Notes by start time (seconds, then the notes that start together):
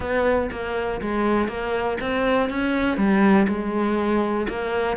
0.00 B3
0.51 A#3
1.01 G#3
1.48 A#3
2.00 C4
2.49 C#4
2.97 G3
3.48 G#3
4.48 A#3